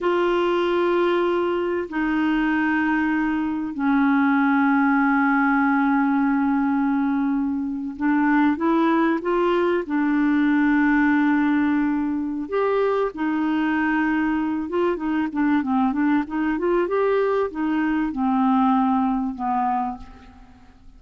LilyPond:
\new Staff \with { instrumentName = "clarinet" } { \time 4/4 \tempo 4 = 96 f'2. dis'4~ | dis'2 cis'2~ | cis'1~ | cis'8. d'4 e'4 f'4 d'16~ |
d'1 | g'4 dis'2~ dis'8 f'8 | dis'8 d'8 c'8 d'8 dis'8 f'8 g'4 | dis'4 c'2 b4 | }